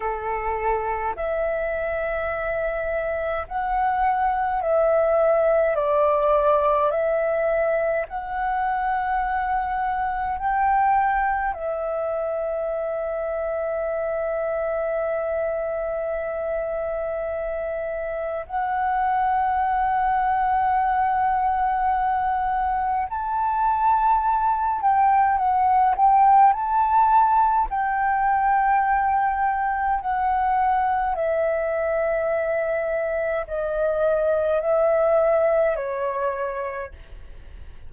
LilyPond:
\new Staff \with { instrumentName = "flute" } { \time 4/4 \tempo 4 = 52 a'4 e''2 fis''4 | e''4 d''4 e''4 fis''4~ | fis''4 g''4 e''2~ | e''1 |
fis''1 | a''4. g''8 fis''8 g''8 a''4 | g''2 fis''4 e''4~ | e''4 dis''4 e''4 cis''4 | }